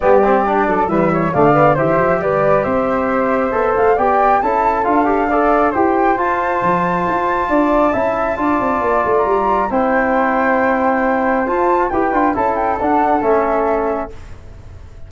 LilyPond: <<
  \new Staff \with { instrumentName = "flute" } { \time 4/4 \tempo 4 = 136 d''2 e''4 f''4 | e''4 d''4 e''2~ | e''8 f''8 g''4 a''4 f''4~ | f''4 g''4 a''2~ |
a''1~ | a''8. ais''4~ ais''16 g''2~ | g''2 a''4 g''4 | a''8 g''8 fis''4 e''2 | }
  \new Staff \with { instrumentName = "flute" } { \time 4/4 g'4. a'8 b'8 cis''8 d''4 | c''4 b'4 c''2~ | c''4 d''4 a'2 | d''4 c''2.~ |
c''4 d''4 e''4 d''4~ | d''2 c''2~ | c''2. b'4 | a'1 | }
  \new Staff \with { instrumentName = "trombone" } { \time 4/4 b8 c'8 d'4 g4 a8 b8 | g'1 | a'4 g'4 e'4 f'8 g'8 | a'4 g'4 f'2~ |
f'2 e'4 f'4~ | f'2 e'2~ | e'2 f'4 g'8 f'8 | e'4 d'4 cis'2 | }
  \new Staff \with { instrumentName = "tuba" } { \time 4/4 g4. fis8 e4 d4 | e8 f8 g4 c'2 | b8 a8 b4 cis'4 d'4~ | d'4 e'4 f'4 f4 |
f'4 d'4 cis'4 d'8 c'8 | ais8 a8 g4 c'2~ | c'2 f'4 e'8 d'8 | cis'4 d'4 a2 | }
>>